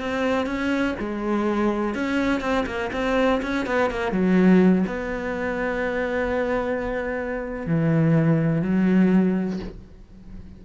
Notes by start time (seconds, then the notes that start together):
0.00 C4
0.46 C#4
0.99 G#3
1.94 C#4
2.41 C4
2.66 A#3
2.92 C4
3.42 C#4
3.66 B3
3.90 A#3
4.12 F#3
4.86 B3
7.67 E3
8.62 F#3